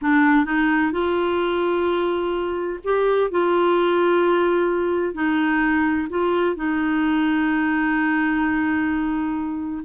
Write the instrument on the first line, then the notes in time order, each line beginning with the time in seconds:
clarinet
0.01 D4
0.45 D#4
0.91 F4
2.84 G4
3.30 F4
5.14 D#4
6.09 F4
6.56 D#4